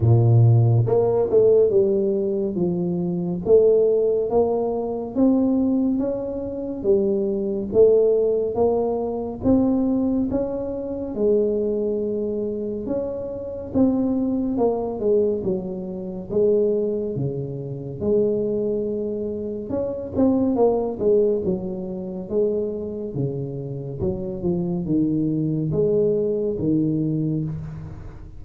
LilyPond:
\new Staff \with { instrumentName = "tuba" } { \time 4/4 \tempo 4 = 70 ais,4 ais8 a8 g4 f4 | a4 ais4 c'4 cis'4 | g4 a4 ais4 c'4 | cis'4 gis2 cis'4 |
c'4 ais8 gis8 fis4 gis4 | cis4 gis2 cis'8 c'8 | ais8 gis8 fis4 gis4 cis4 | fis8 f8 dis4 gis4 dis4 | }